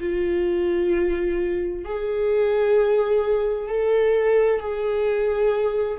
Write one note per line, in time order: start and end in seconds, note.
0.00 1.85 F4
1.85 3.68 G#4
3.68 4.59 A4
4.59 5.98 G#4